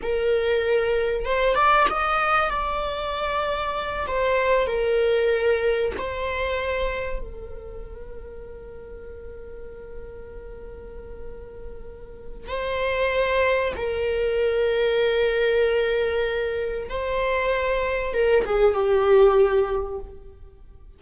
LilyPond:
\new Staff \with { instrumentName = "viola" } { \time 4/4 \tempo 4 = 96 ais'2 c''8 d''8 dis''4 | d''2~ d''8 c''4 ais'8~ | ais'4. c''2 ais'8~ | ais'1~ |
ais'1 | c''2 ais'2~ | ais'2. c''4~ | c''4 ais'8 gis'8 g'2 | }